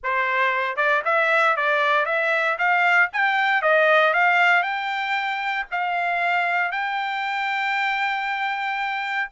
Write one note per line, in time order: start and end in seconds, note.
0.03 0.76 C5
0.76 1.02 D5
1.04 1.56 E5
1.56 2.05 D5
2.05 2.57 E5
2.58 3.10 F5
3.12 3.62 G5
3.62 4.13 D#5
4.13 4.62 F5
4.62 5.66 G5
5.71 6.71 F5
6.71 9.30 G5